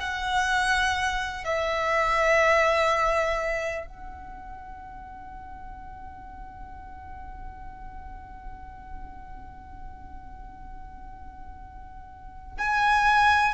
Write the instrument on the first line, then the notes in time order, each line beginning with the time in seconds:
violin
0.00 F#5
1.44 E5
3.86 F#5
12.58 G#5